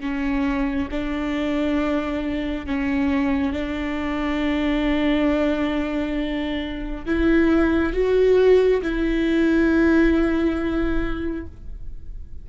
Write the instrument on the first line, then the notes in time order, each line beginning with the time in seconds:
viola
0.00 C#4
0.91 D4
2.66 C#4
3.52 D4
7.05 E4
7.93 F#4
8.82 E4